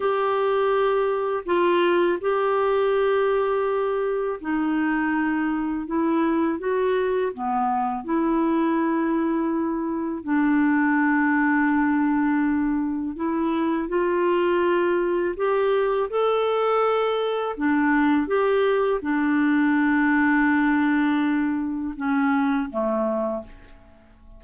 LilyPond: \new Staff \with { instrumentName = "clarinet" } { \time 4/4 \tempo 4 = 82 g'2 f'4 g'4~ | g'2 dis'2 | e'4 fis'4 b4 e'4~ | e'2 d'2~ |
d'2 e'4 f'4~ | f'4 g'4 a'2 | d'4 g'4 d'2~ | d'2 cis'4 a4 | }